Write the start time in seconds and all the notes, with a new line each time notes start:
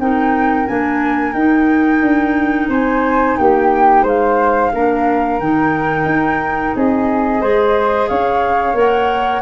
0.00 C4 D#4 A#4 G5
0.67 A#3 D4 G#5
1.33 D#4 G5
2.02 D4
2.69 C4 C5 G#5
3.38 A#3 G4 G5
4.04 G#3 C5 F5
4.73 A#3 D4 A#4
5.40 D#3 D#4 G5
6.05 D#4
6.76 C4 G#4 D#5
7.41 G#3 G#4 C5
8.09 C#4 C#5 F5
8.74 A#3 A#4 F#5